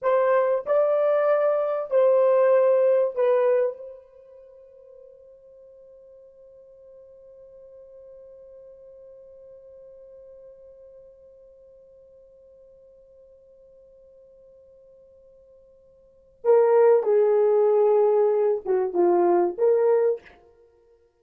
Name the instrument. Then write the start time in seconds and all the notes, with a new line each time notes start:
horn
0.01 C5
0.65 D5
1.90 C5
3.15 B4
3.77 C5
16.44 A#4
17.03 G#4
18.65 F#4
18.93 F4
19.58 A#4